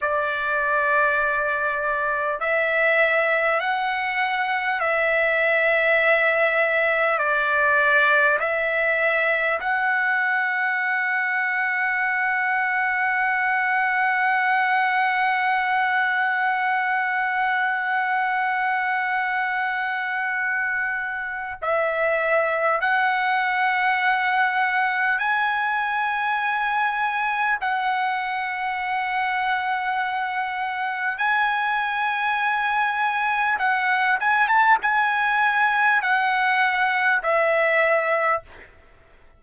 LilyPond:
\new Staff \with { instrumentName = "trumpet" } { \time 4/4 \tempo 4 = 50 d''2 e''4 fis''4 | e''2 d''4 e''4 | fis''1~ | fis''1~ |
fis''2 e''4 fis''4~ | fis''4 gis''2 fis''4~ | fis''2 gis''2 | fis''8 gis''16 a''16 gis''4 fis''4 e''4 | }